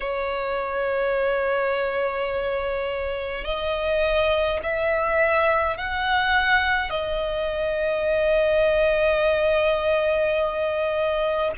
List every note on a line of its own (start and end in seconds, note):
0.00 3.44 C#5
3.44 4.59 D#5
4.62 5.77 E5
5.77 6.90 F#5
6.90 11.51 D#5